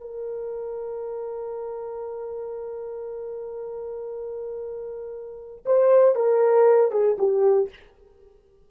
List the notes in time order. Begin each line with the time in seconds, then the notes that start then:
0.00 A#4
5.65 C5
6.15 A#4
6.91 G#4
7.18 G4